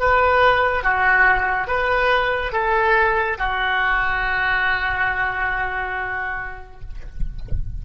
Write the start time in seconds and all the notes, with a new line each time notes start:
0.00 B4
0.84 F#4
1.68 B4
2.53 A4
3.39 F#4